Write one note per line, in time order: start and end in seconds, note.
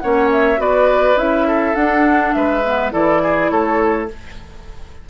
0.00 0.59 A#3
0.00 0.57 C#4
0.00 0.61 C#5
0.00 0.29 F#5
0.32 0.61 E5
0.57 1.17 B3
0.57 1.15 F#4
0.57 1.48 B4
0.57 1.18 D5
1.17 1.75 C#4
1.17 1.75 E4
1.17 1.75 E5
1.48 2.35 A4
1.75 2.34 D4
1.75 2.63 D4
1.75 2.33 F#5
2.33 2.93 G#3
2.33 2.93 B4
2.33 2.92 E5
2.64 2.92 B3
2.92 3.51 E3
2.92 4.08 E4
2.92 3.22 A4
2.92 3.50 D5
3.23 3.51 G#4
3.50 4.10 A3
3.50 4.10 A4
3.50 4.09 C#5